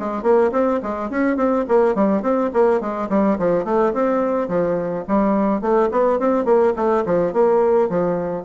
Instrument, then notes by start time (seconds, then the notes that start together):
bassoon
0.00 G#3
0.23 A#3
0.52 C4
0.83 G#3
1.10 C#4
1.37 C4
1.69 A#3
1.95 G3
2.22 C4
2.54 A#3
2.81 G#3
3.10 G3
3.39 F3
3.65 A3
3.94 C4
4.48 F3
5.08 G3
5.62 A3
5.92 B3
6.20 C4
6.45 A#3
6.76 A3
7.06 F3
7.34 A#3
7.90 F3